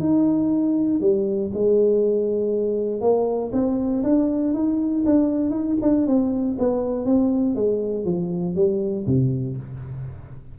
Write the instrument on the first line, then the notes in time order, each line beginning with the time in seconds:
tuba
0.00 D#4
1.01 G3
1.54 G#3
3.01 A#3
3.53 C4
4.04 D4
4.54 D#4
5.06 D4
5.51 D#4
5.82 D4
6.07 C4
6.59 B3
7.06 C4
7.56 G#3
8.05 F3
8.56 G3
9.07 C3